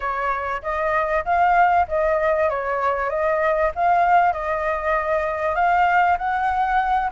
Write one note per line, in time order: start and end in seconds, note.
0.00 0.62 C#5
0.62 1.24 D#5
1.25 1.86 F5
1.88 2.49 D#5
2.49 3.09 C#5
3.09 3.71 D#5
3.75 4.32 F5
4.32 5.55 D#5
5.55 6.17 F5
6.17 7.10 F#5